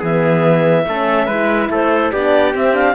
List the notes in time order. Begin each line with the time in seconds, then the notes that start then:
0.00 E3 B3 G#4 E5
0.86 A3 C#4 A4
1.26 G#3 E4 B4
1.70 A3 A4 C5
2.12 B3 D4 G4 D5
2.54 C4 E5
2.73 D4 F5